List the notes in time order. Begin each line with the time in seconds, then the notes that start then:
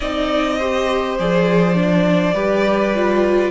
0.00 C4 D#4 D5 D#5
0.58 G4 C5
1.18 F3 G#4 D5
1.74 D4
2.34 G3 G4 B4
2.94 F4